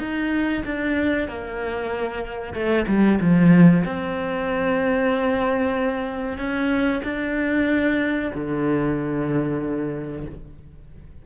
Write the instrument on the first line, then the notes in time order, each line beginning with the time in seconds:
cello
0.00 D#4
0.66 D4
1.29 A#3
2.54 A3
2.88 G3
3.21 F3
3.85 C4
6.38 C#4
7.04 D4
8.35 D3